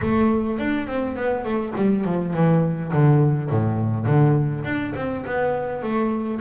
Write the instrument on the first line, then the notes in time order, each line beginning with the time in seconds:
double bass
0.01 A3
0.59 D4
0.87 C4
1.16 B3
1.44 A3
1.75 G3
2.04 F3
2.33 E3
2.92 D3
3.50 A2
4.05 D3
4.64 D4
4.95 C4
5.25 B3
5.82 A3